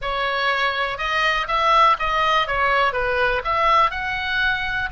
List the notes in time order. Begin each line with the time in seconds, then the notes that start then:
0.01 C#5
0.97 D#5
1.47 E5
1.99 D#5
2.47 C#5
2.92 B4
3.44 E5
3.90 F#5